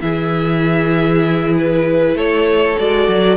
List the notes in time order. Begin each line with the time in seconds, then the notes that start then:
0.00 E3 E4 G#4 E5
1.58 B4
2.14 A3 A4 C#5
2.78 G#3 F#4 D5
3.08 F#3